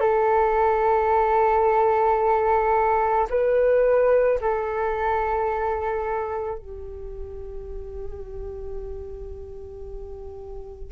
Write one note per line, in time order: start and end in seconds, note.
0.00 3.27 A4
3.30 4.39 B4
4.41 6.58 A4
6.58 10.91 G4